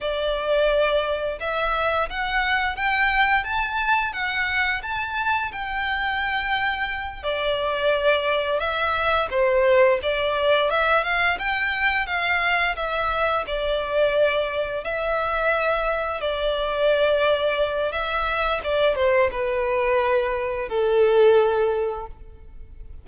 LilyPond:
\new Staff \with { instrumentName = "violin" } { \time 4/4 \tempo 4 = 87 d''2 e''4 fis''4 | g''4 a''4 fis''4 a''4 | g''2~ g''8 d''4.~ | d''8 e''4 c''4 d''4 e''8 |
f''8 g''4 f''4 e''4 d''8~ | d''4. e''2 d''8~ | d''2 e''4 d''8 c''8 | b'2 a'2 | }